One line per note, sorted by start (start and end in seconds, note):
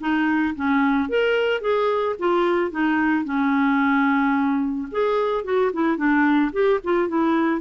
0.00 0.55 D#4
0.56 1.09 C#4
1.09 1.61 A#4
1.61 2.16 G#4
2.19 2.71 F4
2.71 3.25 D#4
3.25 4.88 C#4
4.91 5.44 G#4
5.44 5.71 F#4
5.73 5.97 E4
5.97 6.52 D4
6.52 6.80 G4
6.84 7.08 F4
7.08 7.60 E4